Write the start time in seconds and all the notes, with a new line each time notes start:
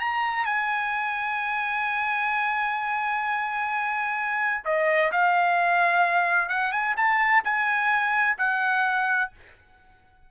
0.00 A#5
0.46 G#5
4.65 D#5
5.12 F5
6.49 F#5
6.72 G#5
6.97 A5
7.44 G#5
8.38 F#5